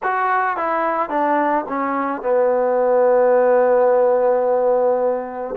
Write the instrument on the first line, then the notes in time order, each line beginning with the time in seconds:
trombone
0.03 F#4
0.56 E4
1.09 D4
1.68 C#4
2.22 B3